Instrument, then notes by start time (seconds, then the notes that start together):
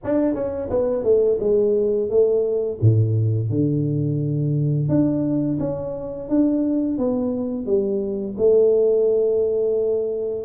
tuba
0.03 D4
0.34 C#4
0.70 B3
1.03 A3
1.40 G#3
2.09 A3
2.81 A2
3.49 D3
4.88 D4
5.59 C#4
6.29 D4
6.98 B3
7.66 G3
8.37 A3